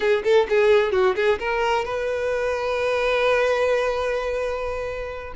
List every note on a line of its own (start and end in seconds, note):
0.00 0.23 G#4
0.23 0.47 A4
0.49 0.92 G#4
0.92 1.15 F#4
1.15 1.38 G#4
1.39 1.84 A#4
1.84 5.33 B4